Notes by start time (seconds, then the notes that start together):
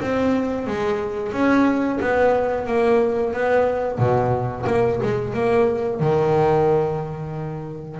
0.00 C4
0.66 G#3
1.32 C#4
2.00 B3
2.66 A#3
3.33 B3
3.98 B2
4.66 A#3
5.02 G#3
5.33 A#3
5.99 D#3